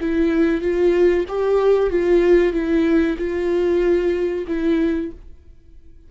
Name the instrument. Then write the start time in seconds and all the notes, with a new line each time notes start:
viola
0.00 E4
0.61 F4
1.28 G4
1.90 F4
2.52 E4
3.17 F4
4.47 E4